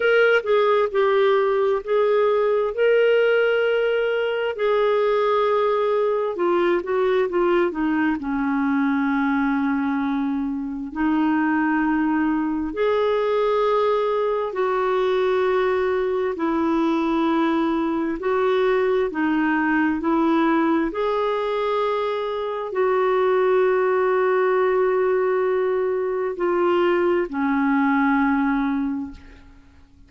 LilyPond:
\new Staff \with { instrumentName = "clarinet" } { \time 4/4 \tempo 4 = 66 ais'8 gis'8 g'4 gis'4 ais'4~ | ais'4 gis'2 f'8 fis'8 | f'8 dis'8 cis'2. | dis'2 gis'2 |
fis'2 e'2 | fis'4 dis'4 e'4 gis'4~ | gis'4 fis'2.~ | fis'4 f'4 cis'2 | }